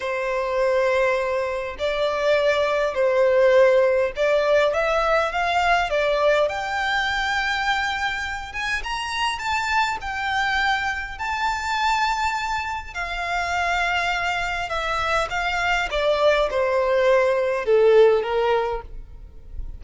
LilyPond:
\new Staff \with { instrumentName = "violin" } { \time 4/4 \tempo 4 = 102 c''2. d''4~ | d''4 c''2 d''4 | e''4 f''4 d''4 g''4~ | g''2~ g''8 gis''8 ais''4 |
a''4 g''2 a''4~ | a''2 f''2~ | f''4 e''4 f''4 d''4 | c''2 a'4 ais'4 | }